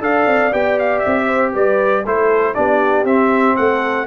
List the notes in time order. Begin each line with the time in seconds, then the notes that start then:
0.00 D4 A4 D5 F5
0.26 C4
0.52 B3 G4 G5
0.79 F5
0.99 E5
1.06 C4
1.26 C5
1.53 G3 B4 D5
2.06 A3 E4 A4 C5
2.54 B3 D4 G4 D5
3.04 C4 E5
3.56 A3 A4 F#5